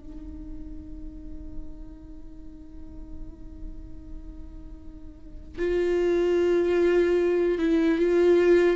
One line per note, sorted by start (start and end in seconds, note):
0.00 5.59 D#4
5.59 7.59 F4
7.59 7.99 E4
7.99 8.77 F4